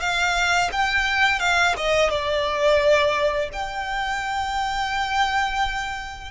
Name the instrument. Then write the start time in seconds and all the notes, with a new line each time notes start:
violin
0.00 F5
0.72 G5
1.40 F5
1.76 D#5
2.10 D5
3.53 G5